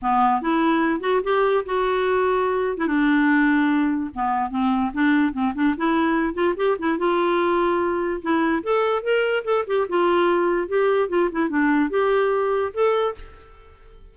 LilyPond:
\new Staff \with { instrumentName = "clarinet" } { \time 4/4 \tempo 4 = 146 b4 e'4. fis'8 g'4 | fis'2~ fis'8. e'16 d'4~ | d'2 b4 c'4 | d'4 c'8 d'8 e'4. f'8 |
g'8 e'8 f'2. | e'4 a'4 ais'4 a'8 g'8 | f'2 g'4 f'8 e'8 | d'4 g'2 a'4 | }